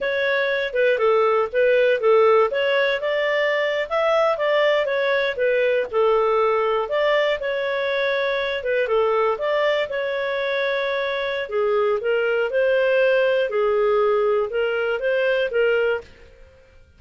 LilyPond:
\new Staff \with { instrumentName = "clarinet" } { \time 4/4 \tempo 4 = 120 cis''4. b'8 a'4 b'4 | a'4 cis''4 d''4.~ d''16 e''16~ | e''8. d''4 cis''4 b'4 a'16~ | a'4.~ a'16 d''4 cis''4~ cis''16~ |
cis''4~ cis''16 b'8 a'4 d''4 cis''16~ | cis''2. gis'4 | ais'4 c''2 gis'4~ | gis'4 ais'4 c''4 ais'4 | }